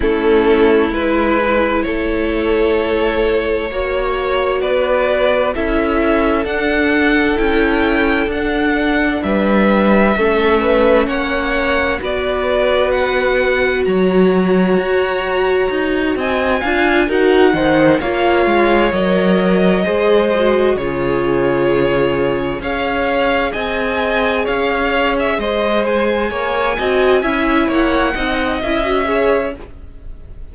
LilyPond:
<<
  \new Staff \with { instrumentName = "violin" } { \time 4/4 \tempo 4 = 65 a'4 b'4 cis''2~ | cis''4 d''4 e''4 fis''4 | g''4 fis''4 e''2 | fis''4 d''4 fis''4 ais''4~ |
ais''4. gis''4 fis''4 f''8~ | f''8 dis''2 cis''4.~ | cis''8 f''4 gis''4 f''8. e''16 dis''8 | gis''2 fis''4 e''4 | }
  \new Staff \with { instrumentName = "violin" } { \time 4/4 e'2 a'2 | cis''4 b'4 a'2~ | a'2 b'4 a'8 b'8 | cis''4 b'2 cis''4~ |
cis''4. dis''8 f''8 ais'8 c''8 cis''8~ | cis''4. c''4 gis'4.~ | gis'8 cis''4 dis''4 cis''4 c''8~ | c''8 cis''8 dis''8 e''8 cis''8 dis''4 cis''8 | }
  \new Staff \with { instrumentName = "viola" } { \time 4/4 cis'4 e'2. | fis'2 e'4 d'4 | e'4 d'2 cis'4~ | cis'4 fis'2.~ |
fis'2 f'8 fis'8 dis'8 f'8~ | f'8 ais'4 gis'8 fis'8 f'4.~ | f'8 gis'2.~ gis'8~ | gis'4 fis'8 e'4 dis'8 e'16 fis'16 gis'8 | }
  \new Staff \with { instrumentName = "cello" } { \time 4/4 a4 gis4 a2 | ais4 b4 cis'4 d'4 | cis'4 d'4 g4 a4 | ais4 b2 fis4 |
fis'4 dis'8 c'8 d'8 dis'8 dis8 ais8 | gis8 fis4 gis4 cis4.~ | cis8 cis'4 c'4 cis'4 gis8~ | gis8 ais8 c'8 cis'8 ais8 c'8 cis'4 | }
>>